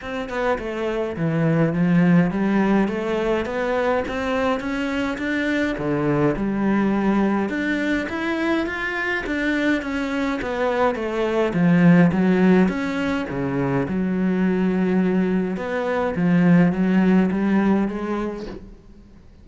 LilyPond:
\new Staff \with { instrumentName = "cello" } { \time 4/4 \tempo 4 = 104 c'8 b8 a4 e4 f4 | g4 a4 b4 c'4 | cis'4 d'4 d4 g4~ | g4 d'4 e'4 f'4 |
d'4 cis'4 b4 a4 | f4 fis4 cis'4 cis4 | fis2. b4 | f4 fis4 g4 gis4 | }